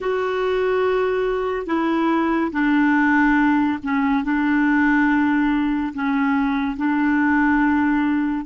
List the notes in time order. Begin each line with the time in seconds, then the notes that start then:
0.00 F#4
1.66 E4
2.52 D4
3.83 C#4
4.24 D4
5.94 C#4
6.76 D4